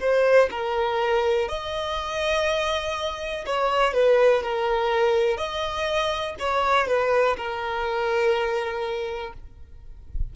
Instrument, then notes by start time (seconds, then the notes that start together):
violin
0.00 C5
0.51 A#4
1.48 D#5
3.46 C#5
3.93 B4
4.43 A#4
5.37 D#5
6.39 C#5
6.87 B4
7.37 A#4